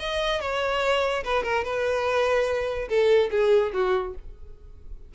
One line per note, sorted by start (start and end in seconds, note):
0.00 0.41 D#5
0.42 1.24 C#5
1.25 1.44 B4
1.44 1.64 A#4
1.65 2.89 B4
2.89 3.31 A4
3.31 3.73 G#4
3.74 4.15 F#4